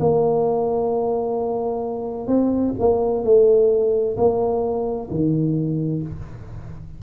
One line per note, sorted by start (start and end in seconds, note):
0.00 2.27 A#3
2.27 2.73 C4
2.79 3.23 A#3
3.23 4.16 A3
4.17 5.09 A#3
5.10 6.03 D#3